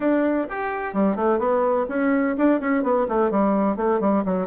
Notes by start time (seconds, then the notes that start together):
0.00 D4
0.49 G4
0.93 G3
1.16 A3
1.39 B3
1.88 C#4
2.37 D4
2.60 C#4
2.83 B3
3.08 A3
3.30 G3
3.76 A3
4.00 G3
4.25 F#3